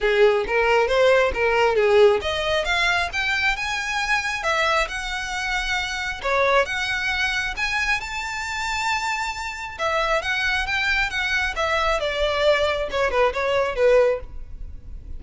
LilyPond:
\new Staff \with { instrumentName = "violin" } { \time 4/4 \tempo 4 = 135 gis'4 ais'4 c''4 ais'4 | gis'4 dis''4 f''4 g''4 | gis''2 e''4 fis''4~ | fis''2 cis''4 fis''4~ |
fis''4 gis''4 a''2~ | a''2 e''4 fis''4 | g''4 fis''4 e''4 d''4~ | d''4 cis''8 b'8 cis''4 b'4 | }